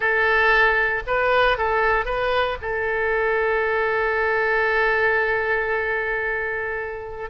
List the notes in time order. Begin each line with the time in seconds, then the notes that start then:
0.00 A4
1.06 B4
1.57 A4
2.05 B4
2.61 A4